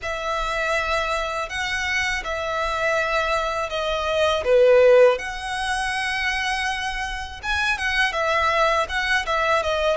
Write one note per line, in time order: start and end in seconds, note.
0.02 1.49 E5
1.49 2.23 F#5
2.24 3.69 E5
3.69 4.43 D#5
4.44 5.18 B4
5.18 7.40 F#5
7.42 7.78 G#5
7.78 8.12 F#5
8.12 8.86 E5
8.88 9.25 F#5
9.26 9.62 E5
9.62 9.96 D#5